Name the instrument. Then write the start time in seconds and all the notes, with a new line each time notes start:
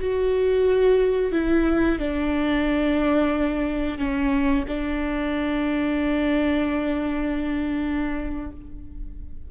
viola
0.00 F#4
1.32 E4
1.99 D4
3.98 C#4
4.68 D4